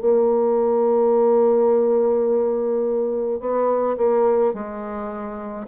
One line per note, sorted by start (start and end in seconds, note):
0.00 3.40 A#3
3.40 3.96 B3
3.97 4.53 A#3
4.53 5.66 G#3